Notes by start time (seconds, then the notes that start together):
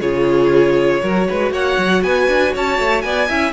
0.00 C#3 F4 G#4 C#5
1.01 F#3 F#4 A#4
1.28 G#3 B4
1.51 A#3 C#5 F#5
1.78 F#3
2.03 B3 B4 G#5
2.28 D4
2.53 C#4 C#5 A5
2.79 A3
3.01 B3 D5 G#5
3.28 C#4 E4 E5